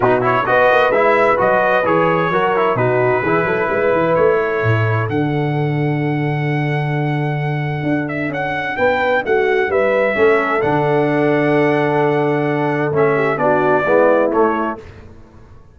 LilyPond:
<<
  \new Staff \with { instrumentName = "trumpet" } { \time 4/4 \tempo 4 = 130 b'8 cis''8 dis''4 e''4 dis''4 | cis''2 b'2~ | b'4 cis''2 fis''4~ | fis''1~ |
fis''4. e''8 fis''4 g''4 | fis''4 e''2 fis''4~ | fis''1 | e''4 d''2 cis''4 | }
  \new Staff \with { instrumentName = "horn" } { \time 4/4 fis'4 b'2.~ | b'4 ais'4 fis'4 gis'8 a'8 | b'4. a'2~ a'8~ | a'1~ |
a'2. b'4 | fis'4 b'4 a'2~ | a'1~ | a'8 g'8 fis'4 e'2 | }
  \new Staff \with { instrumentName = "trombone" } { \time 4/4 dis'8 e'8 fis'4 e'4 fis'4 | gis'4 fis'8 e'8 dis'4 e'4~ | e'2. d'4~ | d'1~ |
d'1~ | d'2 cis'4 d'4~ | d'1 | cis'4 d'4 b4 a4 | }
  \new Staff \with { instrumentName = "tuba" } { \time 4/4 b,4 b8 ais8 gis4 fis4 | e4 fis4 b,4 e8 fis8 | gis8 e8 a4 a,4 d4~ | d1~ |
d4 d'4 cis'4 b4 | a4 g4 a4 d4~ | d1 | a4 b4 gis4 a4 | }
>>